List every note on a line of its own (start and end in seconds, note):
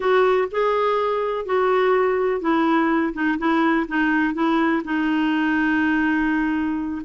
0.00 0.48 F#4
0.51 1.45 G#4
1.45 2.40 F#4
2.40 3.13 E4
3.13 3.38 D#4
3.38 3.86 E4
3.88 4.34 D#4
4.34 4.82 E4
4.84 7.02 D#4